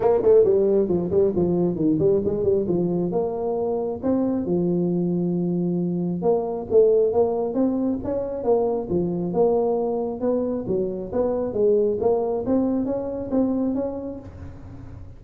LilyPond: \new Staff \with { instrumentName = "tuba" } { \time 4/4 \tempo 4 = 135 ais8 a8 g4 f8 g8 f4 | dis8 g8 gis8 g8 f4 ais4~ | ais4 c'4 f2~ | f2 ais4 a4 |
ais4 c'4 cis'4 ais4 | f4 ais2 b4 | fis4 b4 gis4 ais4 | c'4 cis'4 c'4 cis'4 | }